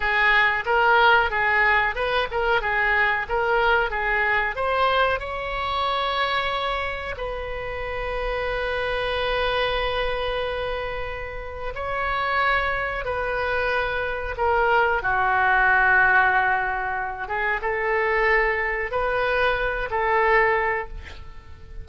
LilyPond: \new Staff \with { instrumentName = "oboe" } { \time 4/4 \tempo 4 = 92 gis'4 ais'4 gis'4 b'8 ais'8 | gis'4 ais'4 gis'4 c''4 | cis''2. b'4~ | b'1~ |
b'2 cis''2 | b'2 ais'4 fis'4~ | fis'2~ fis'8 gis'8 a'4~ | a'4 b'4. a'4. | }